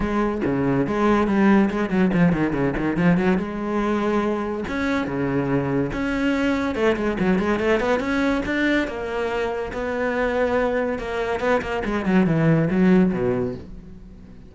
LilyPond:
\new Staff \with { instrumentName = "cello" } { \time 4/4 \tempo 4 = 142 gis4 cis4 gis4 g4 | gis8 fis8 f8 dis8 cis8 dis8 f8 fis8 | gis2. cis'4 | cis2 cis'2 |
a8 gis8 fis8 gis8 a8 b8 cis'4 | d'4 ais2 b4~ | b2 ais4 b8 ais8 | gis8 fis8 e4 fis4 b,4 | }